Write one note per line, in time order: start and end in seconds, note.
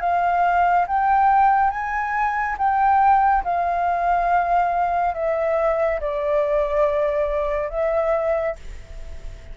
0.00 0.86 F5
0.87 1.70 G5
1.70 2.56 G#5
2.58 3.44 G5
3.44 5.14 F5
5.14 6.00 E5
6.00 7.69 D5
7.69 8.55 E5